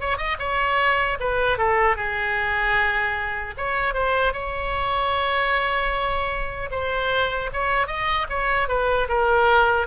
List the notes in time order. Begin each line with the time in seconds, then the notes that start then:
0.00 C#5
0.17 D#5
0.39 C#5
1.19 B4
1.58 A4
1.96 G#4
3.57 C#5
3.94 C5
4.33 C#5
6.71 C5
7.53 C#5
7.87 D#5
8.29 C#5
8.68 B4
9.08 A#4